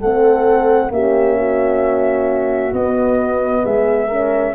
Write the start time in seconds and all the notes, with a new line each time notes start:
0.00 A3 C4 A4 F#5
0.90 A#3 C#4 G4 E5
1.39 F#4
2.73 B3 D#5
3.63 G#3 G#4 E5
4.08 C#4 A#4